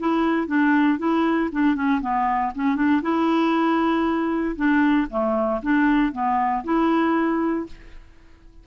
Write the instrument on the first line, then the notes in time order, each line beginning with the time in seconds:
clarinet
0.00 E4
0.48 D4
0.99 E4
1.53 D4
1.76 C#4
2.02 B3
2.56 C#4
2.76 D4
3.02 E4
4.57 D4
5.10 A3
5.63 D4
6.13 B3
6.65 E4